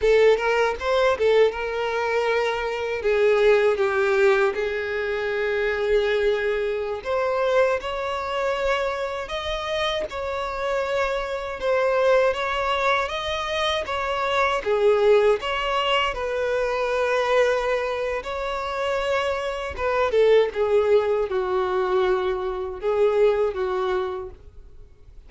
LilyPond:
\new Staff \with { instrumentName = "violin" } { \time 4/4 \tempo 4 = 79 a'8 ais'8 c''8 a'8 ais'2 | gis'4 g'4 gis'2~ | gis'4~ gis'16 c''4 cis''4.~ cis''16~ | cis''16 dis''4 cis''2 c''8.~ |
c''16 cis''4 dis''4 cis''4 gis'8.~ | gis'16 cis''4 b'2~ b'8. | cis''2 b'8 a'8 gis'4 | fis'2 gis'4 fis'4 | }